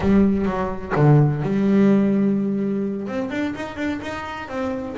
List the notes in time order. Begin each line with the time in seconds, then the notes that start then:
0.00 G3
0.45 F#3
0.95 D3
1.42 G3
3.07 C4
3.30 D4
3.55 D#4
3.76 D4
4.01 D#4
4.48 C4